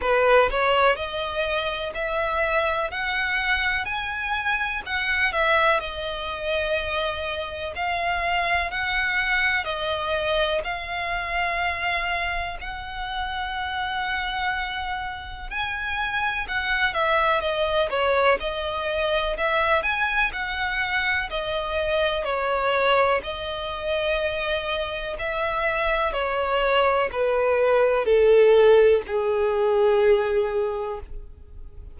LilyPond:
\new Staff \with { instrumentName = "violin" } { \time 4/4 \tempo 4 = 62 b'8 cis''8 dis''4 e''4 fis''4 | gis''4 fis''8 e''8 dis''2 | f''4 fis''4 dis''4 f''4~ | f''4 fis''2. |
gis''4 fis''8 e''8 dis''8 cis''8 dis''4 | e''8 gis''8 fis''4 dis''4 cis''4 | dis''2 e''4 cis''4 | b'4 a'4 gis'2 | }